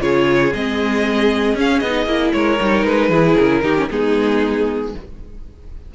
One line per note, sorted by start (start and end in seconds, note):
0.00 0.53 C#3
0.00 0.52 F4
0.00 2.34 G#4
0.00 0.52 C#5
0.53 1.54 G#3
0.53 1.56 C4
0.53 1.57 D#5
1.54 1.80 C#4
1.54 1.82 C#4
1.54 1.79 F5
1.79 2.06 B3
1.79 2.31 D#5
1.85 2.06 D#4
2.06 2.31 A#3
2.06 2.58 E4
2.32 2.59 G#3
2.32 3.09 A#4
2.32 2.84 C#5
2.60 2.83 G3
2.60 3.12 D#4
2.83 3.09 G#3
2.83 3.36 B4
3.09 3.35 E3
3.09 3.63 E4
3.09 3.61 G#4
3.37 3.63 C#3
3.37 3.89 A#4
3.62 3.89 D#3
3.62 3.75 D#4
3.62 3.88 G4
3.75 3.88 C#4
3.89 4.94 G#3
3.89 4.93 B3
3.89 4.94 D#4
3.89 4.94 G#4